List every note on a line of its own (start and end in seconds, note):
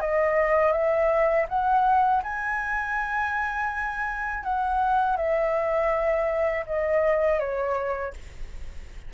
0.00 0.72 D#5
0.72 1.46 E5
1.49 2.23 F#5
2.23 4.43 G#5
4.43 5.17 F#5
5.17 6.65 E5
6.66 7.39 D#5
7.39 8.13 C#5